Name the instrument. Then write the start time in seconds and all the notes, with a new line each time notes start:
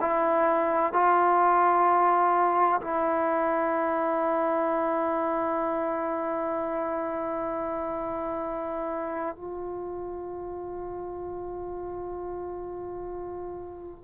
trombone
0.00 E4
0.92 F4
2.81 E4
9.35 F4